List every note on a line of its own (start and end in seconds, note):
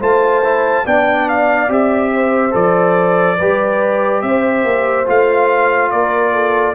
0.00 0.85 A3
0.00 0.43 F4
0.00 0.85 C5
0.00 0.87 A5
0.44 0.86 E4
0.85 1.68 B3
0.85 1.69 D4
0.85 2.12 D5
0.85 1.29 G5
1.29 1.71 F5
1.68 2.53 C4
1.68 2.52 G4
1.68 2.55 E5
2.14 3.38 C5
2.52 3.39 F3
2.52 3.36 A4
2.52 4.22 D5
3.38 4.23 G3
3.38 5.06 G4
3.38 4.23 B4
4.22 4.64 C4
4.22 5.93 C5
4.22 5.06 E5
4.64 5.07 A#3
5.06 5.92 A3
5.06 6.75 F4
5.06 5.91 F5
5.91 6.75 A#3
5.91 6.33 A#4
5.91 6.75 D5
6.33 6.75 A4